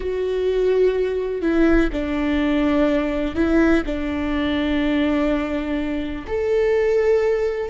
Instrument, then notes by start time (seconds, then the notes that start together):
viola
0.00 F#4
1.41 E4
1.92 D4
3.35 E4
3.85 D4
6.27 A4